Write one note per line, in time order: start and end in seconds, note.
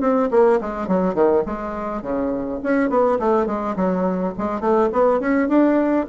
0.00 0.29 C4
0.30 0.59 A#3
0.61 0.87 G#3
0.87 1.14 F#3
1.14 1.43 D#3
1.46 2.01 G#3
2.01 2.59 C#3
2.63 2.89 C#4
2.89 3.18 B3
3.19 3.46 A3
3.46 3.75 G#3
3.76 4.33 F#3
4.38 4.60 G#3
4.60 4.89 A3
4.92 5.19 B3
5.19 5.48 C#4
5.48 6.06 D4